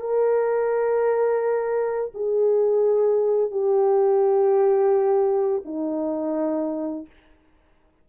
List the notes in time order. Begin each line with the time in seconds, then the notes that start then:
0.00 A#4
2.14 G#4
3.51 G4
5.65 D#4